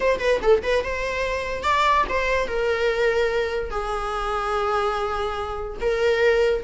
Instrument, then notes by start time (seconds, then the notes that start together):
viola
0.00 C5
0.19 B4
0.41 A4
0.62 B4
0.83 C5
1.63 D5
2.09 C5
2.47 A#4
3.70 G#4
5.80 A#4